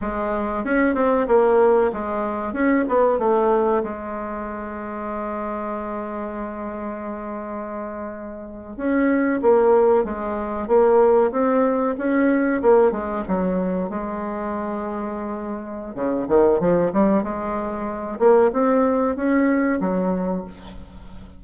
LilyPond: \new Staff \with { instrumentName = "bassoon" } { \time 4/4 \tempo 4 = 94 gis4 cis'8 c'8 ais4 gis4 | cis'8 b8 a4 gis2~ | gis1~ | gis4.~ gis16 cis'4 ais4 gis16~ |
gis8. ais4 c'4 cis'4 ais16~ | ais16 gis8 fis4 gis2~ gis16~ | gis4 cis8 dis8 f8 g8 gis4~ | gis8 ais8 c'4 cis'4 fis4 | }